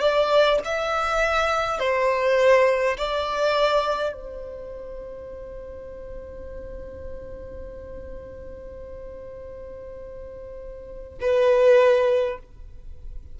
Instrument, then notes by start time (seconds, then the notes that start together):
violin
0.00 D5
0.65 E5
1.79 C5
2.97 D5
4.13 C5
11.21 B4